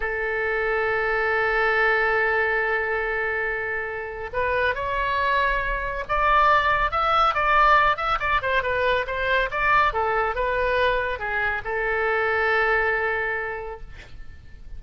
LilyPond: \new Staff \with { instrumentName = "oboe" } { \time 4/4 \tempo 4 = 139 a'1~ | a'1~ | a'2 b'4 cis''4~ | cis''2 d''2 |
e''4 d''4. e''8 d''8 c''8 | b'4 c''4 d''4 a'4 | b'2 gis'4 a'4~ | a'1 | }